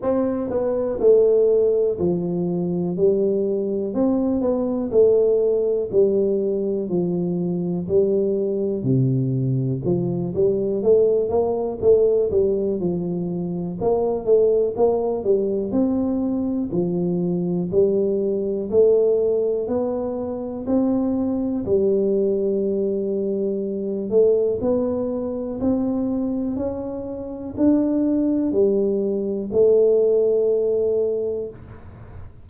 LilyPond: \new Staff \with { instrumentName = "tuba" } { \time 4/4 \tempo 4 = 61 c'8 b8 a4 f4 g4 | c'8 b8 a4 g4 f4 | g4 c4 f8 g8 a8 ais8 | a8 g8 f4 ais8 a8 ais8 g8 |
c'4 f4 g4 a4 | b4 c'4 g2~ | g8 a8 b4 c'4 cis'4 | d'4 g4 a2 | }